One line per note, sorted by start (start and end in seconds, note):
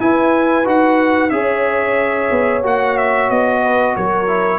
0.00 0.65 E4
0.00 0.66 E4
0.00 1.34 B4
0.00 0.67 G#5
0.65 1.31 D#4
0.65 1.31 F#4
0.65 1.30 F#5
1.30 2.30 C#4
1.30 2.63 G#4
1.30 3.63 C#5
1.30 2.62 E5
2.31 2.64 B3
2.63 3.30 A#3
2.63 4.28 F#4
2.63 2.98 F#5
2.98 3.30 E5
3.30 3.96 B3
3.30 3.96 D#5
3.63 3.96 B4
3.97 4.59 F#3
3.97 4.59 A#4
3.97 4.59 C#5
4.28 4.59 E4